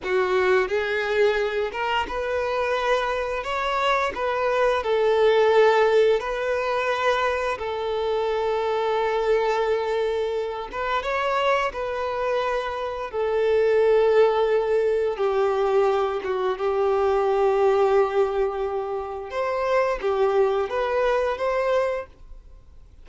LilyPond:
\new Staff \with { instrumentName = "violin" } { \time 4/4 \tempo 4 = 87 fis'4 gis'4. ais'8 b'4~ | b'4 cis''4 b'4 a'4~ | a'4 b'2 a'4~ | a'2.~ a'8 b'8 |
cis''4 b'2 a'4~ | a'2 g'4. fis'8 | g'1 | c''4 g'4 b'4 c''4 | }